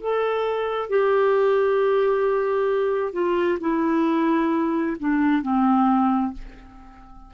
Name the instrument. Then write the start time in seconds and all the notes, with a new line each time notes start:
clarinet
0.00 A4
0.89 G4
3.12 F4
3.60 E4
4.99 D4
5.42 C4